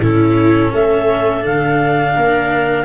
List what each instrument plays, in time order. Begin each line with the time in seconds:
0.00 tuba A2, cello C#4, viola E4, clarinet A4
0.72 tuba A3, viola A4, clarinet E5
1.41 tuba D3, cello D4, clarinet F5
2.15 tuba A#3, viola A#4